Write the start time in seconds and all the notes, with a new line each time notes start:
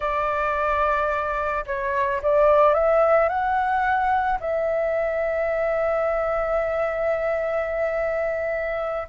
0.00 D5
1.66 C#5
2.22 D5
2.73 E5
3.29 F#5
4.40 E5